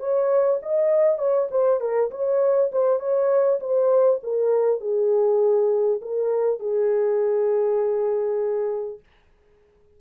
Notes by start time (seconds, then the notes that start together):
0.00 C#5
0.63 D#5
1.19 C#5
1.51 C5
1.81 A#4
2.11 C#5
2.72 C5
3.00 C#5
3.61 C5
4.24 A#4
4.81 G#4
6.02 A#4
6.60 G#4